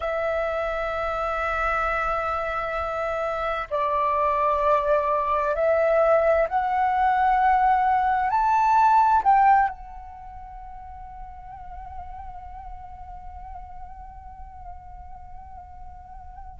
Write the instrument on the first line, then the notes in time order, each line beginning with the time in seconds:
flute
0.00 E5
3.70 D5
5.55 E5
6.48 F#5
8.30 A5
9.23 G5
9.68 F#5